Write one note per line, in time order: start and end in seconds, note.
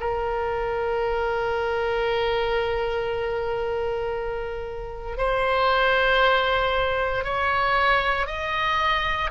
0.00 5.17 A#4
5.18 7.24 C5
7.24 8.27 C#5
8.27 9.30 D#5